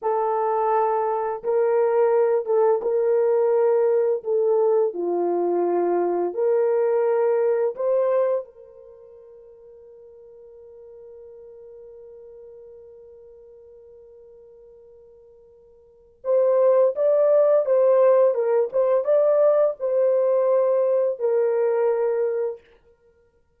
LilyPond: \new Staff \with { instrumentName = "horn" } { \time 4/4 \tempo 4 = 85 a'2 ais'4. a'8 | ais'2 a'4 f'4~ | f'4 ais'2 c''4 | ais'1~ |
ais'1~ | ais'2. c''4 | d''4 c''4 ais'8 c''8 d''4 | c''2 ais'2 | }